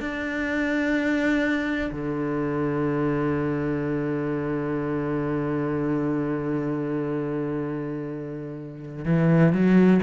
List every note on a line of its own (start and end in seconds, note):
0.00 1.90 D4
1.91 9.05 D3
9.05 9.52 E3
9.52 10.00 F#3